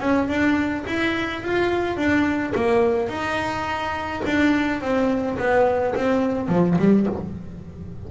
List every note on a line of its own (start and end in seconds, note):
0.00 0.28 C#4
0.28 0.84 D4
0.86 1.42 E4
1.42 1.97 F4
1.97 2.53 D4
2.55 3.08 A#3
3.08 4.22 D#4
4.26 4.81 D4
4.81 5.38 C4
5.38 5.95 B3
5.95 6.48 C4
6.48 6.77 F3
6.78 7.07 G3